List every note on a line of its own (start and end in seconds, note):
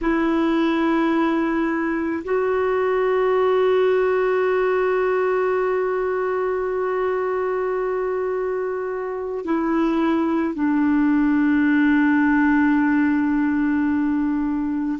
0.01 2.23 E4
2.24 9.44 F#4
9.44 10.54 E4
10.54 14.98 D4